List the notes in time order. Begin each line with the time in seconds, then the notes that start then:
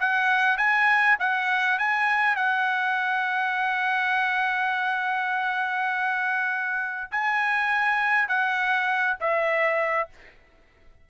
0.00 F#5
0.58 G#5
1.19 F#5
1.78 G#5
2.36 F#5
7.12 G#5
8.28 F#5
9.20 E5